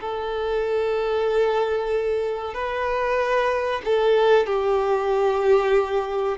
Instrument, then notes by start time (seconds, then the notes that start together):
violin
0.00 A4
2.54 B4
3.84 A4
4.46 G4